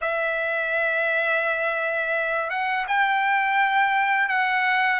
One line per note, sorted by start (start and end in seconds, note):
0.01 2.50 E5
2.50 2.85 F#5
2.87 4.28 G5
4.28 5.00 F#5